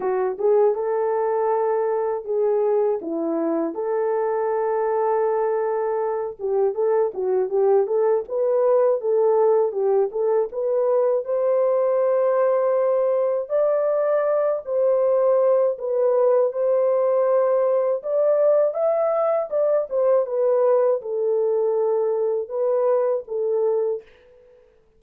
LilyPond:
\new Staff \with { instrumentName = "horn" } { \time 4/4 \tempo 4 = 80 fis'8 gis'8 a'2 gis'4 | e'4 a'2.~ | a'8 g'8 a'8 fis'8 g'8 a'8 b'4 | a'4 g'8 a'8 b'4 c''4~ |
c''2 d''4. c''8~ | c''4 b'4 c''2 | d''4 e''4 d''8 c''8 b'4 | a'2 b'4 a'4 | }